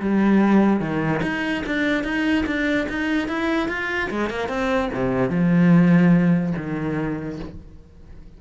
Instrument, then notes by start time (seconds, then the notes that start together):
cello
0.00 G3
0.80 D#3
1.23 D#4
1.66 D4
2.04 D#4
2.46 D4
2.89 D#4
3.28 E4
3.69 F4
4.10 G#3
4.30 A#3
4.49 C4
4.94 C3
5.30 F3
6.57 D#3